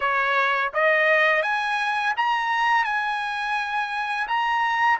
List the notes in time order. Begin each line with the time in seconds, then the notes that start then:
0.00 C#5
0.73 D#5
1.42 G#5
2.16 A#5
2.84 G#5
4.27 A#5